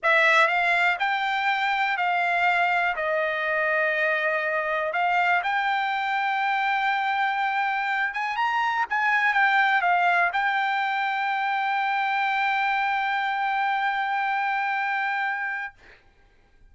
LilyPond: \new Staff \with { instrumentName = "trumpet" } { \time 4/4 \tempo 4 = 122 e''4 f''4 g''2 | f''2 dis''2~ | dis''2 f''4 g''4~ | g''1~ |
g''8 gis''8 ais''4 gis''4 g''4 | f''4 g''2.~ | g''1~ | g''1 | }